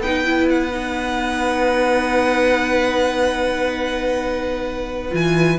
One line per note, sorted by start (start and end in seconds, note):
0.00 5.12 B3
0.00 0.25 D#4
0.00 5.59 B4
0.00 0.49 G5
0.25 0.71 E4
0.49 5.15 F#5
0.71 5.11 D#4
5.11 5.59 E3
5.11 5.57 F4
5.11 5.59 G#5